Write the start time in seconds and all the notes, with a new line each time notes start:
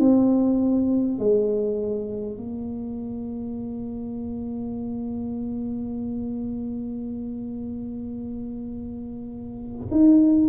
0.00 C4
1.19 G#3
2.37 A#3
9.91 D#4